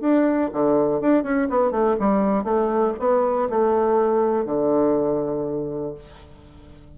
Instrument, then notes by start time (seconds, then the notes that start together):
bassoon
0.00 D4
0.53 D3
1.01 D4
1.23 C#4
1.49 B3
1.71 A3
1.99 G3
2.44 A3
2.99 B3
3.49 A3
4.45 D3